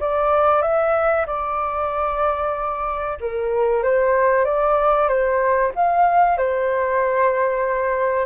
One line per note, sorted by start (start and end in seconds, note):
0.00 0.62 D5
0.62 1.26 E5
1.26 3.18 D5
3.20 3.83 A#4
3.83 4.44 C5
4.44 5.08 D5
5.08 5.72 C5
5.75 6.37 F5
6.37 8.25 C5